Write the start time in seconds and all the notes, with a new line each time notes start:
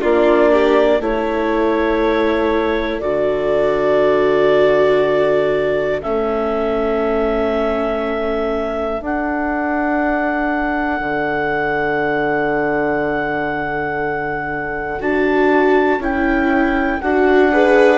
0.00 A#3 D4 F4 D5
0.53 G4
1.00 A3 E4 A4 C#5
3.00 D3 F#4 D5
6.02 A3 C#4 E5
8.99 D4
9.05 F#5
11.00 D3
14.99 D4 F#4 A5
15.99 C#4 E4 G5
17.01 D4 F#4 F#5
17.52 G#4 B4